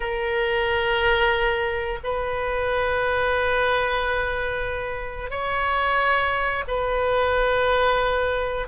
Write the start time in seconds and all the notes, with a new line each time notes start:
0.00 A#4
2.03 B4
5.30 C#5
6.67 B4